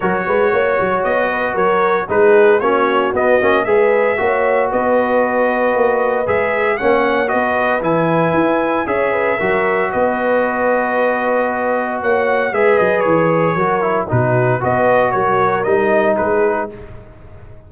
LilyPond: <<
  \new Staff \with { instrumentName = "trumpet" } { \time 4/4 \tempo 4 = 115 cis''2 dis''4 cis''4 | b'4 cis''4 dis''4 e''4~ | e''4 dis''2. | e''4 fis''4 dis''4 gis''4~ |
gis''4 e''2 dis''4~ | dis''2. fis''4 | e''8 dis''8 cis''2 b'4 | dis''4 cis''4 dis''4 b'4 | }
  \new Staff \with { instrumentName = "horn" } { \time 4/4 ais'8 b'8 cis''4. b'8 ais'4 | gis'4 fis'2 b'4 | cis''4 b'2.~ | b'4 cis''4 b'2~ |
b'4 cis''8 b'8 ais'4 b'4~ | b'2. cis''4 | b'2 ais'4 fis'4 | b'4 ais'2 gis'4 | }
  \new Staff \with { instrumentName = "trombone" } { \time 4/4 fis'1 | dis'4 cis'4 b8 cis'8 gis'4 | fis'1 | gis'4 cis'4 fis'4 e'4~ |
e'4 gis'4 fis'2~ | fis'1 | gis'2 fis'8 e'8 dis'4 | fis'2 dis'2 | }
  \new Staff \with { instrumentName = "tuba" } { \time 4/4 fis8 gis8 ais8 fis8 b4 fis4 | gis4 ais4 b8 ais8 gis4 | ais4 b2 ais4 | gis4 ais4 b4 e4 |
e'4 cis'4 fis4 b4~ | b2. ais4 | gis8 fis8 e4 fis4 b,4 | b4 fis4 g4 gis4 | }
>>